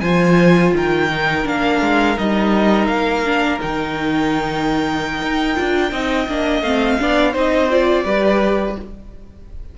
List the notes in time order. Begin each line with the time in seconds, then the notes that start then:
0.00 F3 F4 C5 G#5
0.74 D#3 A#4 G5
1.10 D#4
1.44 A#3 D4 F5
1.81 G#3
2.17 G3 D#4 D#5
2.87 A#3 F5
3.25 D4
3.59 D#3 D#4 G5
5.21 D#4
5.55 D4 F4
5.92 C4 D#4 D#5
6.28 A#3 D4
6.62 A3 C4 F5
6.99 B3 D4 D5
7.32 C4 D#4 C5 D#5
7.70 F4 D5
8.04 G3 G4 B4